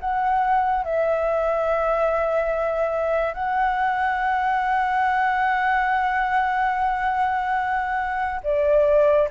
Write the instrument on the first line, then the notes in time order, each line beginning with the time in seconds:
flute
0.00 F#5
0.84 E5
3.33 F#5
8.44 D5